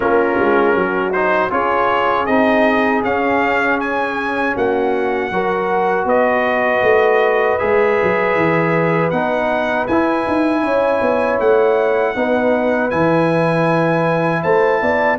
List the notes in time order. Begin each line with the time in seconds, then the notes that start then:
0.00 A#3 C#4 F4 A#4
0.39 G#3
0.74 F#3 F#4
1.12 D#4 C5
1.50 C#4 F4 G#4 C#5
2.26 C4 D#4 D#5
3.03 C#4 F5
3.80 G#5
4.54 A#3 F#4 F#5
5.30 F#3 F#4 A#4
6.04 B3 B4 D#5
6.82 A3
7.58 G#3 G#4 E5
8.02 F#3
8.35 E3
9.10 B3 D#4 F#5
9.87 E4 G#5
10.27 D#4
10.62 C#4 C#5
11.01 B3
11.39 A3 F#5
12.15 B3 D#4 B4
12.90 E3 E4 G#5
14.42 A3 C5 A5
14.81 B3 D5